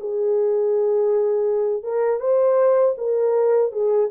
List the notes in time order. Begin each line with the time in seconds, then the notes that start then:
0.00 G#4
1.83 A#4
2.20 C5
2.98 A#4
3.72 G#4